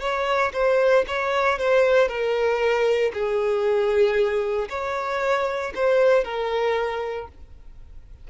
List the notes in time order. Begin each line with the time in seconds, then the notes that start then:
0.00 C#5
0.53 C5
1.07 C#5
1.58 C5
2.08 A#4
3.13 G#4
4.69 C#5
5.75 C5
6.24 A#4